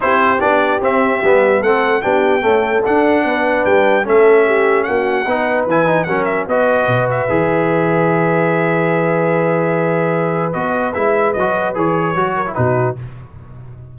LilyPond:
<<
  \new Staff \with { instrumentName = "trumpet" } { \time 4/4 \tempo 4 = 148 c''4 d''4 e''2 | fis''4 g''2 fis''4~ | fis''4 g''4 e''2 | fis''2 gis''4 fis''8 e''8 |
dis''4. e''2~ e''8~ | e''1~ | e''2 dis''4 e''4 | dis''4 cis''2 b'4 | }
  \new Staff \with { instrumentName = "horn" } { \time 4/4 g'1 | a'4 g'4 a'2 | b'2 a'4 g'4 | fis'4 b'2 ais'4 |
b'1~ | b'1~ | b'1~ | b'2~ b'8 ais'8 fis'4 | }
  \new Staff \with { instrumentName = "trombone" } { \time 4/4 e'4 d'4 c'4 b4 | c'4 d'4 a4 d'4~ | d'2 cis'2~ | cis'4 dis'4 e'8 dis'8 cis'4 |
fis'2 gis'2~ | gis'1~ | gis'2 fis'4 e'4 | fis'4 gis'4 fis'8. e'16 dis'4 | }
  \new Staff \with { instrumentName = "tuba" } { \time 4/4 c'4 b4 c'4 g4 | a4 b4 cis'4 d'4 | b4 g4 a2 | ais4 b4 e4 fis4 |
b4 b,4 e2~ | e1~ | e2 b4 gis4 | fis4 e4 fis4 b,4 | }
>>